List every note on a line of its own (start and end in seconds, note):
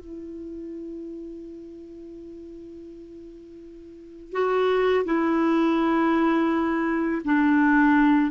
0.00 4.32 E4
4.32 5.05 F#4
5.05 7.22 E4
7.25 8.31 D4